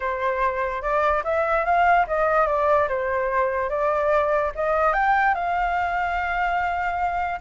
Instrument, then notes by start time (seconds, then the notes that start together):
flute
0.00 C5
0.81 D5
1.24 E5
1.65 F5
2.07 D#5
2.47 D5
2.88 C5
3.69 D5
4.55 D#5
4.93 G5
5.34 F5